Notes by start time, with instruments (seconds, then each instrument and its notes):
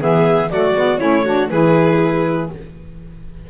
0.00 double bass E3, saxophone B3, violin G#4, clarinet E5
0.50 double bass F#3, saxophone A3, violin F#4, clarinet D5
0.73 double bass G#3, saxophone B3
0.99 double bass A3, saxophone C#4, violin E4, clarinet C#5
1.25 saxophone D4, violin F#4
1.50 double bass E3, saxophone E4, violin G#4, clarinet B4